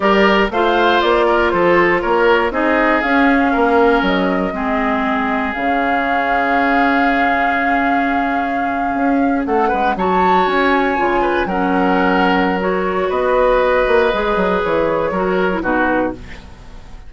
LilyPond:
<<
  \new Staff \with { instrumentName = "flute" } { \time 4/4 \tempo 4 = 119 d''4 f''4 d''4 c''4 | cis''4 dis''4 f''2 | dis''2. f''4~ | f''1~ |
f''2~ f''8. fis''4 a''16~ | a''8. gis''2 fis''4~ fis''16~ | fis''4 cis''4 dis''2~ | dis''4 cis''2 b'4 | }
  \new Staff \with { instrumentName = "oboe" } { \time 4/4 ais'4 c''4. ais'8 a'4 | ais'4 gis'2 ais'4~ | ais'4 gis'2.~ | gis'1~ |
gis'2~ gis'8. a'8 b'8 cis''16~ | cis''2~ cis''16 b'8 ais'4~ ais'16~ | ais'2 b'2~ | b'2 ais'4 fis'4 | }
  \new Staff \with { instrumentName = "clarinet" } { \time 4/4 g'4 f'2.~ | f'4 dis'4 cis'2~ | cis'4 c'2 cis'4~ | cis'1~ |
cis'2.~ cis'8. fis'16~ | fis'4.~ fis'16 f'4 cis'4~ cis'16~ | cis'4 fis'2. | gis'2 fis'8. e'16 dis'4 | }
  \new Staff \with { instrumentName = "bassoon" } { \time 4/4 g4 a4 ais4 f4 | ais4 c'4 cis'4 ais4 | fis4 gis2 cis4~ | cis1~ |
cis4.~ cis16 cis'4 a8 gis8 fis16~ | fis8. cis'4 cis4 fis4~ fis16~ | fis2 b4. ais8 | gis8 fis8 e4 fis4 b,4 | }
>>